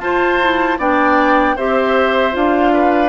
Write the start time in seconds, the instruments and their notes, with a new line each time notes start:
0.00 bassoon F4, clarinet F4, oboe C5, flute A5
0.42 clarinet E4
0.78 bassoon B3, clarinet D4, oboe D5, flute G5
1.56 bassoon C4, clarinet G4, oboe C5, flute E5
2.32 bassoon D4, clarinet F4, flute F5
2.73 oboe B4